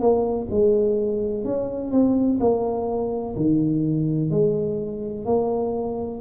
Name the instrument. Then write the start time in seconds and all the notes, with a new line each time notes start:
tuba
0.00 A#3
0.51 G#3
1.45 C#4
1.91 C4
2.40 A#3
3.36 D#3
4.31 G#3
5.26 A#3